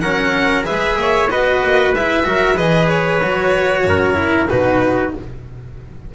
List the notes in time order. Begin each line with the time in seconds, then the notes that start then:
0.00 F#3 C#4 A#4 F#5
0.63 G#3 G#4 B4 E5
0.96 A#3 C#5
1.30 B3 F#4 B4 D#5
1.63 A#3
1.93 G#3 E4 E5
2.23 F#3 F#4 A#4
2.55 E3 G#4 B4 D#5
2.88 C#5
3.22 F#3 F#4
3.85 F#2 A#4
4.14 E4
4.48 B2 D#4 F#4 B4